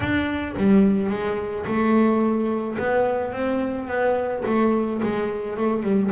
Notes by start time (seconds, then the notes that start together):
0.00 D4
0.56 G3
1.10 G#3
1.66 A3
2.78 B3
3.32 C4
3.87 B3
4.45 A3
5.02 G#3
5.57 A3
5.82 G3